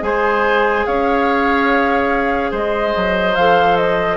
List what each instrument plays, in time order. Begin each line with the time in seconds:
0.00 bassoon G#3, clarinet G#4, oboe C5, flute G#5
0.86 bassoon C#4, oboe C#5, flute F5
2.51 bassoon G#3, oboe C5, flute D#5
2.96 bassoon F#3
3.35 bassoon F3, clarinet A4, flute F5
3.77 flute D#5